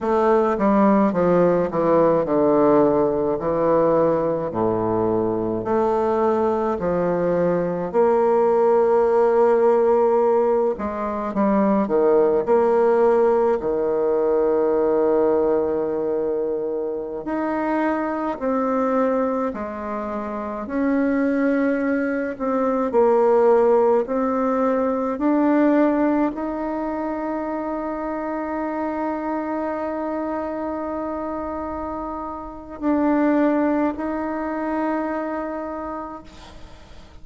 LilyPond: \new Staff \with { instrumentName = "bassoon" } { \time 4/4 \tempo 4 = 53 a8 g8 f8 e8 d4 e4 | a,4 a4 f4 ais4~ | ais4. gis8 g8 dis8 ais4 | dis2.~ dis16 dis'8.~ |
dis'16 c'4 gis4 cis'4. c'16~ | c'16 ais4 c'4 d'4 dis'8.~ | dis'1~ | dis'4 d'4 dis'2 | }